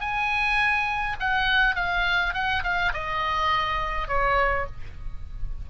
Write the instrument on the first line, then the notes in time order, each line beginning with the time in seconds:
oboe
0.00 G#5
1.20 F#5
1.75 F5
2.34 F#5
2.63 F5
2.93 D#5
4.08 C#5